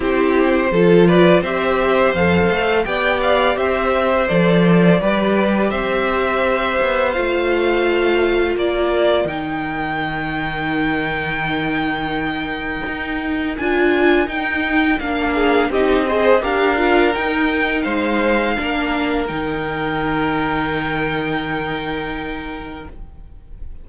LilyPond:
<<
  \new Staff \with { instrumentName = "violin" } { \time 4/4 \tempo 4 = 84 c''4. d''8 e''4 f''4 | g''8 f''8 e''4 d''2 | e''2 f''2 | d''4 g''2.~ |
g''2. gis''4 | g''4 f''4 dis''4 f''4 | g''4 f''2 g''4~ | g''1 | }
  \new Staff \with { instrumentName = "violin" } { \time 4/4 g'4 a'8 b'8 c''2 | d''4 c''2 b'4 | c''1 | ais'1~ |
ais'1~ | ais'4. gis'8 g'8 c''8 ais'4~ | ais'4 c''4 ais'2~ | ais'1 | }
  \new Staff \with { instrumentName = "viola" } { \time 4/4 e'4 f'4 g'4 a'4 | g'2 a'4 g'4~ | g'2 f'2~ | f'4 dis'2.~ |
dis'2. f'4 | dis'4 d'4 dis'8 gis'8 g'8 f'8 | dis'2 d'4 dis'4~ | dis'1 | }
  \new Staff \with { instrumentName = "cello" } { \time 4/4 c'4 f4 c'4 f,8 a8 | b4 c'4 f4 g4 | c'4. b8 a2 | ais4 dis2.~ |
dis2 dis'4 d'4 | dis'4 ais4 c'4 d'4 | dis'4 gis4 ais4 dis4~ | dis1 | }
>>